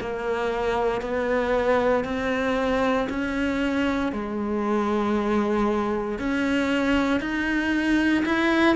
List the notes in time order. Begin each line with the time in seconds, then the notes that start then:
0.00 A#3
1.01 B3
2.04 C4
3.09 C#4
4.12 G#3
6.18 C#4
7.20 D#4
8.25 E4